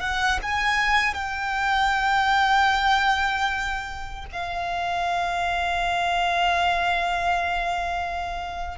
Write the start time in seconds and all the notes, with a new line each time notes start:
0.00 F#5
0.42 G#5
1.14 G5
4.32 F5